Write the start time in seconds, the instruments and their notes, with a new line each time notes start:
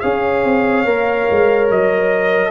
0.00 tuba C#4, trombone G#4, horn C#5, trumpet F5
0.44 tuba C4
0.85 tuba A#3, trombone A#4
1.31 tuba G#3
1.71 tuba F#3, trumpet D#5